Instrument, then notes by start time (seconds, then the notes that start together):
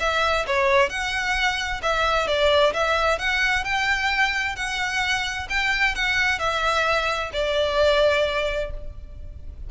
violin
0.00 E5
0.47 C#5
0.89 F#5
1.82 E5
2.27 D5
2.73 E5
3.19 F#5
3.64 G5
4.56 F#5
5.49 G5
5.95 F#5
6.39 E5
7.33 D5